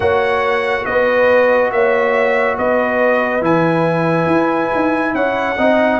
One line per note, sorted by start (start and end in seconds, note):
0.00 0.85 A#3
0.00 3.41 F#4
0.00 0.85 C#5
0.00 0.85 F#5
0.85 1.71 B3
0.85 1.72 B4
0.85 1.71 D#5
1.71 2.57 A#3
1.71 2.58 C#5
1.71 2.57 E5
2.58 3.41 B3
2.58 5.15 B4
2.58 3.43 D#5
3.41 4.26 E3
3.41 5.56 E4
3.41 5.14 G#5
4.26 4.69 E4
4.75 5.14 D#4
5.14 5.57 C#4
5.14 5.57 C#5
5.14 5.99 F#5
5.57 5.99 C4
5.57 5.99 D#4
5.57 5.99 D#5